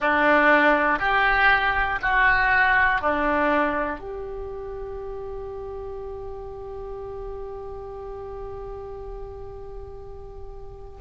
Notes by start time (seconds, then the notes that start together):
0.00 D4
0.99 G4
2.01 F#4
3.00 D4
4.00 G4